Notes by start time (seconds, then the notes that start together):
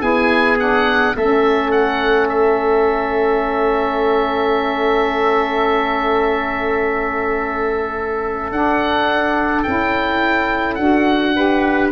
0.00 B3 E4 G#4 G#5
0.58 D4 F#5
1.16 A3 C#4 A4 E5
1.71 F#5
2.29 E5
8.51 D4 F#5
9.63 C#4 E4 G5
10.75 D4 F#4 F#5
11.35 G4 B4